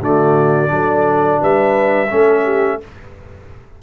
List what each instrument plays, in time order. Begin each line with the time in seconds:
0.00 tuba D3, trombone A3, horn F#4, trumpet D5
0.67 tuba F#3, trombone D4, horn A4
1.40 tuba G3, horn B4, trumpet E5
2.10 tuba A3, trombone C#4, horn A4
2.44 horn G4